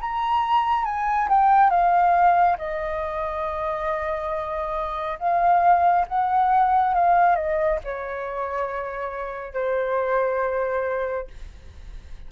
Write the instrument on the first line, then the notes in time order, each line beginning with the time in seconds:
flute
0.00 A#5
0.85 G#5
1.29 G5
1.70 F5
2.58 D#5
5.19 F5
6.08 F#5
6.94 F5
7.36 D#5
7.84 C#5
9.53 C5